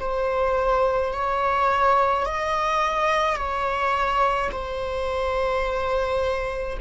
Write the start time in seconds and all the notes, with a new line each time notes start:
0.00 C5
1.13 C#5
2.25 D#5
3.36 C#5
4.52 C5